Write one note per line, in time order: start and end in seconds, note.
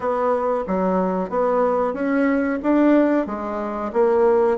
0.00 0.64 B3
0.67 1.29 F#3
1.29 1.93 B3
1.93 2.58 C#4
2.62 3.26 D4
3.26 3.91 G#3
3.92 4.57 A#3